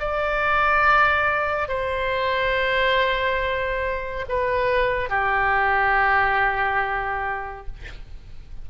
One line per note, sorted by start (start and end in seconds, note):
0.00 1.69 D5
1.69 4.26 C5
4.29 5.10 B4
5.10 7.67 G4